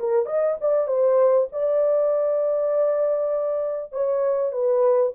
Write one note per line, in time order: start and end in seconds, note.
0.00 0.26 A#4
0.26 0.57 D#5
0.61 0.88 D5
0.88 1.48 C5
1.53 3.93 D5
3.93 4.53 C#5
4.53 5.13 B4